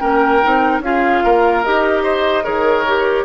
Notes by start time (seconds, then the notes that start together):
0.00 A#3 C#4 A#4 G5
0.43 C4 D#4
0.80 C#4 F4 G#4 F5
1.24 A#3 A#4
1.65 D#4 G4 D#5
2.04 C5
2.44 D#3 G#4 A#4 C#5
2.87 G4